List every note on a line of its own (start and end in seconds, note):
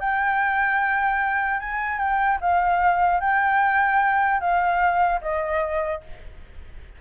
0.00 1.60 G5
1.60 1.98 G#5
1.98 2.38 G5
2.41 3.20 F5
3.20 4.40 G5
4.40 5.20 F5
5.21 6.01 D#5